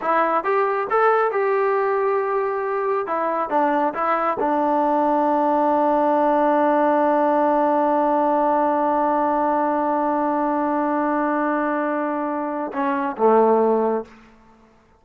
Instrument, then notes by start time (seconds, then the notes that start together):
trombone
0.01 E4
0.44 G4
0.90 A4
1.31 G4
3.07 E4
3.49 D4
3.94 E4
4.39 D4
12.72 C#4
13.17 A3